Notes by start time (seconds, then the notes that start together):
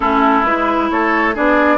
0.00 A3 C#4 E4 A4
0.44 G#3 E4 B4
0.90 A3 A4 C#5
1.34 B3 D4 G#4 D5